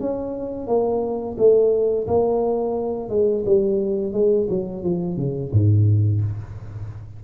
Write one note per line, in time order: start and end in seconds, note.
0.00 0.67 C#4
0.67 1.36 A#3
1.38 2.07 A3
2.07 3.09 A#3
3.09 3.44 G#3
3.45 4.13 G3
4.13 4.47 G#3
4.49 4.83 F#3
4.83 5.17 F3
5.17 5.51 C#3
5.52 6.21 G#2